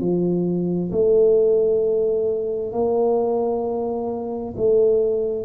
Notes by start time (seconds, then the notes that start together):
0.00 F3
0.92 A3
2.73 A#3
4.57 A3